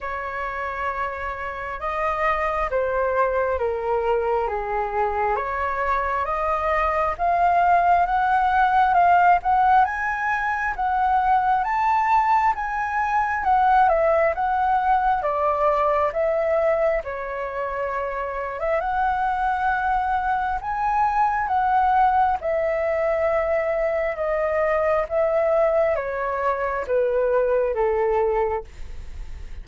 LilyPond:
\new Staff \with { instrumentName = "flute" } { \time 4/4 \tempo 4 = 67 cis''2 dis''4 c''4 | ais'4 gis'4 cis''4 dis''4 | f''4 fis''4 f''8 fis''8 gis''4 | fis''4 a''4 gis''4 fis''8 e''8 |
fis''4 d''4 e''4 cis''4~ | cis''8. e''16 fis''2 gis''4 | fis''4 e''2 dis''4 | e''4 cis''4 b'4 a'4 | }